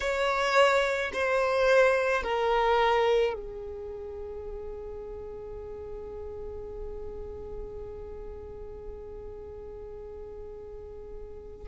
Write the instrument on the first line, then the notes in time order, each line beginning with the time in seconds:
violin
0.00 C#5
1.13 C5
2.23 A#4
3.33 G#4